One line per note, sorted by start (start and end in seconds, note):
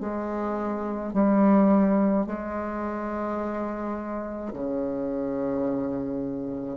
0.00 1.13 G#3
1.13 2.26 G3
2.26 4.53 G#3
4.53 6.77 C#3